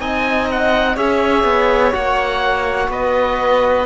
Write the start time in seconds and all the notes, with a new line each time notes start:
0.00 C4 D#4 D#5 G#5
0.51 F#5
0.95 C#4 G#4 C#5 E5
1.44 B3
1.92 A#3 F#4 F#5
2.89 B3 B4 D#5